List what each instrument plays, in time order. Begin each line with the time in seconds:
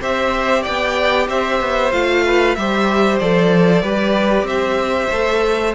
0.00 cello C4, viola G4, violin C5 E5
0.62 cello B3, violin D5 G5
1.28 cello C4, violin C5 E5
1.60 cello B3
1.92 cello A3, viola F4, violin F5
2.25 violin B4
2.55 cello G3, viola G4, violin C5 E5
3.19 cello F3, viola A4, violin D5
3.82 cello G3, viola G4, violin B4
4.42 cello C4, violin E5
4.48 violin C5
5.11 cello A3, viola A4